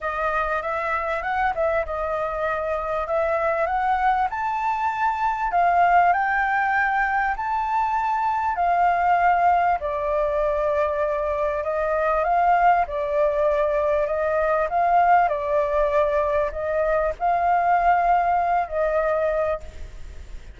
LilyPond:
\new Staff \with { instrumentName = "flute" } { \time 4/4 \tempo 4 = 98 dis''4 e''4 fis''8 e''8 dis''4~ | dis''4 e''4 fis''4 a''4~ | a''4 f''4 g''2 | a''2 f''2 |
d''2. dis''4 | f''4 d''2 dis''4 | f''4 d''2 dis''4 | f''2~ f''8 dis''4. | }